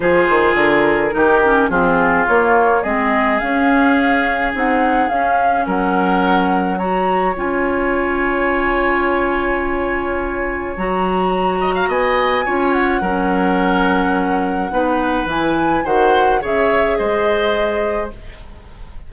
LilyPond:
<<
  \new Staff \with { instrumentName = "flute" } { \time 4/4 \tempo 4 = 106 c''4 ais'2 gis'4 | cis''4 dis''4 f''2 | fis''4 f''4 fis''2 | ais''4 gis''2.~ |
gis''2. ais''4~ | ais''4 gis''4. fis''4.~ | fis''2. gis''4 | fis''4 e''4 dis''2 | }
  \new Staff \with { instrumentName = "oboe" } { \time 4/4 gis'2 g'4 f'4~ | f'4 gis'2.~ | gis'2 ais'2 | cis''1~ |
cis''1~ | cis''8 dis''16 f''16 dis''4 cis''4 ais'4~ | ais'2 b'2 | c''4 cis''4 c''2 | }
  \new Staff \with { instrumentName = "clarinet" } { \time 4/4 f'2 dis'8 cis'8 c'4 | ais4 c'4 cis'2 | dis'4 cis'2. | fis'4 f'2.~ |
f'2. fis'4~ | fis'2 f'4 cis'4~ | cis'2 dis'4 e'4 | fis'4 gis'2. | }
  \new Staff \with { instrumentName = "bassoon" } { \time 4/4 f8 dis8 d4 dis4 f4 | ais4 gis4 cis'2 | c'4 cis'4 fis2~ | fis4 cis'2.~ |
cis'2. fis4~ | fis4 b4 cis'4 fis4~ | fis2 b4 e4 | dis4 cis4 gis2 | }
>>